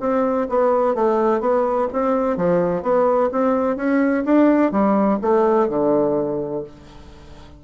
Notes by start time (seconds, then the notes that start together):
0.00 C4
0.49 B3
0.95 A3
1.41 B3
1.93 C4
2.37 F3
2.82 B3
3.32 C4
3.77 C#4
4.25 D4
4.72 G3
5.22 A3
5.69 D3